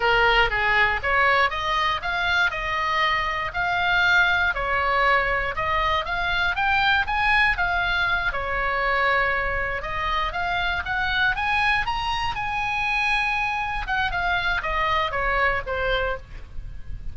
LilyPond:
\new Staff \with { instrumentName = "oboe" } { \time 4/4 \tempo 4 = 119 ais'4 gis'4 cis''4 dis''4 | f''4 dis''2 f''4~ | f''4 cis''2 dis''4 | f''4 g''4 gis''4 f''4~ |
f''8 cis''2. dis''8~ | dis''8 f''4 fis''4 gis''4 ais''8~ | ais''8 gis''2. fis''8 | f''4 dis''4 cis''4 c''4 | }